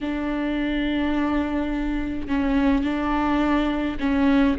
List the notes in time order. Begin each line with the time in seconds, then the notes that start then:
0.00 D4
2.27 C#4
2.83 D4
3.99 C#4